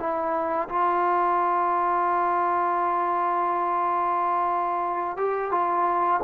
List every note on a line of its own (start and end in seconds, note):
0.00 0.69 E4
0.70 5.17 F4
5.17 5.52 G4
5.52 6.21 F4